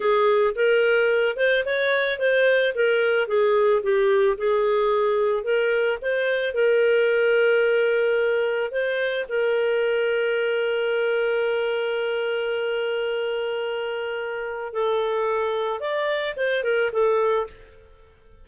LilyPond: \new Staff \with { instrumentName = "clarinet" } { \time 4/4 \tempo 4 = 110 gis'4 ais'4. c''8 cis''4 | c''4 ais'4 gis'4 g'4 | gis'2 ais'4 c''4 | ais'1 |
c''4 ais'2.~ | ais'1~ | ais'2. a'4~ | a'4 d''4 c''8 ais'8 a'4 | }